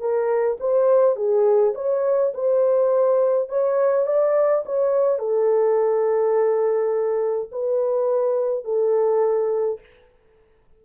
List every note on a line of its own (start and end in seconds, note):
0.00 0.58 A#4
0.60 1.16 C5
1.16 1.74 G#4
1.75 2.33 C#5
2.34 3.49 C5
3.49 4.06 C#5
4.06 4.64 D5
4.66 5.19 C#5
5.19 7.50 A4
7.52 8.65 B4
8.65 9.80 A4